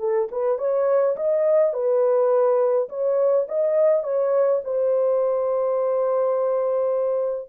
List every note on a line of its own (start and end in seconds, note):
0.00 0.29 A4
0.32 0.58 B4
0.58 1.16 C#5
1.17 1.74 D#5
1.74 2.89 B4
2.89 3.47 C#5
3.49 4.04 D#5
4.04 4.62 C#5
4.65 7.50 C5